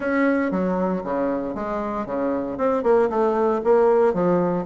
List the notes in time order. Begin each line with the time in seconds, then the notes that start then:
0.00 C#4
0.51 F#3
1.04 C#3
1.54 G#3
2.05 C#3
2.57 C4
2.83 A#3
3.09 A3
3.64 A#3
4.13 F3